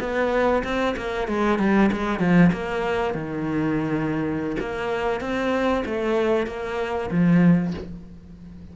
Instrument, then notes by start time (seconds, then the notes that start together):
cello
0.00 B3
0.64 C4
0.97 A#3
1.28 G#3
1.59 G3
1.93 G#3
2.20 F3
2.53 A#3
3.14 D#3
4.60 A#3
5.21 C4
5.86 A3
6.47 A#3
7.11 F3